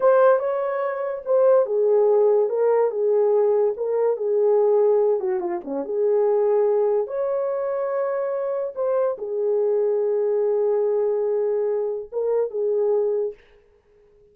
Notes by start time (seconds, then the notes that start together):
0.00 C5
0.39 C#5
1.25 C5
1.66 G#4
2.49 A#4
2.90 G#4
3.77 A#4
4.16 G#4
5.20 F#4
5.39 F4
5.64 C#4
5.84 G#4
7.07 C#5
8.75 C5
9.17 G#4
12.12 A#4
12.50 G#4